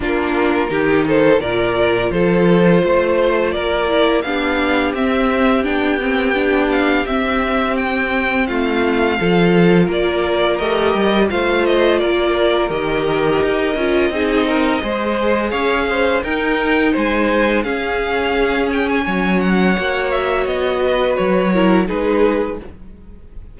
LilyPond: <<
  \new Staff \with { instrumentName = "violin" } { \time 4/4 \tempo 4 = 85 ais'4. c''8 d''4 c''4~ | c''4 d''4 f''4 e''4 | g''4. f''8 e''4 g''4 | f''2 d''4 dis''4 |
f''8 dis''8 d''4 dis''2~ | dis''2 f''4 g''4 | gis''4 f''4. g''16 gis''8. fis''8~ | fis''8 e''8 dis''4 cis''4 b'4 | }
  \new Staff \with { instrumentName = "violin" } { \time 4/4 f'4 g'8 a'8 ais'4 a'4 | c''4 ais'4 g'2~ | g'1 | f'4 a'4 ais'2 |
c''4 ais'2. | gis'8 ais'8 c''4 cis''8 c''8 ais'4 | c''4 gis'2 cis''4~ | cis''4. b'4 ais'8 gis'4 | }
  \new Staff \with { instrumentName = "viola" } { \time 4/4 d'4 dis'4 f'2~ | f'4. e'8 d'4 c'4 | d'8 c'8 d'4 c'2~ | c'4 f'2 g'4 |
f'2 g'4. f'8 | dis'4 gis'2 dis'4~ | dis'4 cis'2. | fis'2~ fis'8 e'8 dis'4 | }
  \new Staff \with { instrumentName = "cello" } { \time 4/4 ais4 dis4 ais,4 f4 | a4 ais4 b4 c'4 | b2 c'2 | a4 f4 ais4 a8 g8 |
a4 ais4 dis4 dis'8 cis'8 | c'4 gis4 cis'4 dis'4 | gis4 cis'2 fis4 | ais4 b4 fis4 gis4 | }
>>